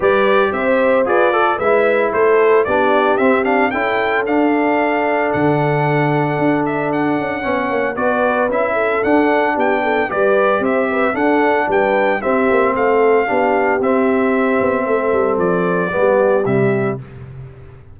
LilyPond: <<
  \new Staff \with { instrumentName = "trumpet" } { \time 4/4 \tempo 4 = 113 d''4 e''4 d''4 e''4 | c''4 d''4 e''8 f''8 g''4 | f''2 fis''2~ | fis''8 e''8 fis''2 d''4 |
e''4 fis''4 g''4 d''4 | e''4 fis''4 g''4 e''4 | f''2 e''2~ | e''4 d''2 e''4 | }
  \new Staff \with { instrumentName = "horn" } { \time 4/4 b'4 c''4 b'8 a'8 b'4 | a'4 g'2 a'4~ | a'1~ | a'2 cis''4 b'4~ |
b'8 a'4. g'8 a'8 b'4 | c''8 b'8 a'4 b'4 g'4 | a'4 g'2. | a'2 g'2 | }
  \new Staff \with { instrumentName = "trombone" } { \time 4/4 g'2 gis'8 a'8 e'4~ | e'4 d'4 c'8 d'8 e'4 | d'1~ | d'2 cis'4 fis'4 |
e'4 d'2 g'4~ | g'4 d'2 c'4~ | c'4 d'4 c'2~ | c'2 b4 g4 | }
  \new Staff \with { instrumentName = "tuba" } { \time 4/4 g4 c'4 f'4 gis4 | a4 b4 c'4 cis'4 | d'2 d2 | d'4. cis'8 b8 ais8 b4 |
cis'4 d'4 b4 g4 | c'4 d'4 g4 c'8 ais8 | a4 b4 c'4. b8 | a8 g8 f4 g4 c4 | }
>>